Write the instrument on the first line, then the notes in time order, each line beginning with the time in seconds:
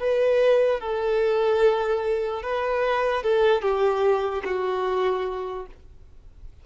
violin
0.00 B4
0.81 A4
2.43 B4
3.23 A4
3.62 G4
4.45 F#4